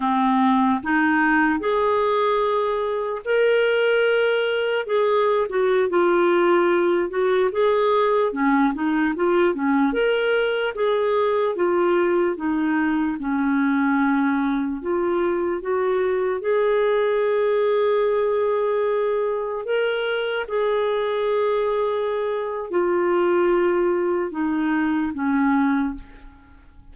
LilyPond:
\new Staff \with { instrumentName = "clarinet" } { \time 4/4 \tempo 4 = 74 c'4 dis'4 gis'2 | ais'2 gis'8. fis'8 f'8.~ | f'8. fis'8 gis'4 cis'8 dis'8 f'8 cis'16~ | cis'16 ais'4 gis'4 f'4 dis'8.~ |
dis'16 cis'2 f'4 fis'8.~ | fis'16 gis'2.~ gis'8.~ | gis'16 ais'4 gis'2~ gis'8. | f'2 dis'4 cis'4 | }